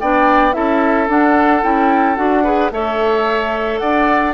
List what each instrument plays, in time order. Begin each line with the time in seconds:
0.00 bassoon B3, clarinet D4, oboe D5, flute G5
0.52 bassoon C#4, clarinet E4, oboe A4, flute E5
1.08 bassoon D4, clarinet D4, flute F#5
1.62 bassoon C#4, clarinet E4, flute G5
2.16 bassoon D4, clarinet F#4, flute F#5
2.43 clarinet G#4, oboe B4
2.71 bassoon A3, clarinet A4, oboe C#5, flute E5
3.78 bassoon D4, oboe D5, flute F#5